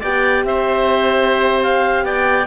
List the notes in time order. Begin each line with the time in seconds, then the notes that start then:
0.00 B3 G4 D5 G5
0.44 C4 C5 E5
1.62 F5
2.03 B3 D5 G5